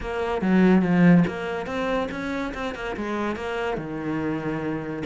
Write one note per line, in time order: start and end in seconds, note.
0.00 0.41 A#3
0.41 0.82 F#3
0.82 1.24 F3
1.27 1.66 A#3
1.66 2.08 C4
2.11 2.53 C#4
2.53 2.74 C4
2.75 2.96 A#3
2.96 3.36 G#3
3.36 3.77 A#3
3.77 5.03 D#3